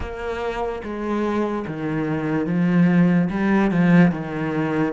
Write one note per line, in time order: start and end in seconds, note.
0.00 0.82 A#3
0.83 1.65 G#3
1.67 2.46 D#3
2.46 3.28 F3
3.30 3.71 G3
3.71 4.11 F3
4.11 4.93 D#3